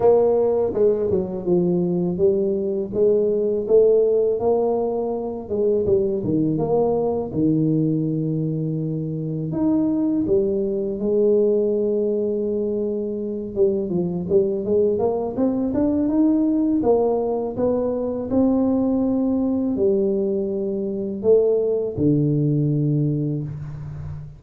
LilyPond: \new Staff \with { instrumentName = "tuba" } { \time 4/4 \tempo 4 = 82 ais4 gis8 fis8 f4 g4 | gis4 a4 ais4. gis8 | g8 dis8 ais4 dis2~ | dis4 dis'4 g4 gis4~ |
gis2~ gis8 g8 f8 g8 | gis8 ais8 c'8 d'8 dis'4 ais4 | b4 c'2 g4~ | g4 a4 d2 | }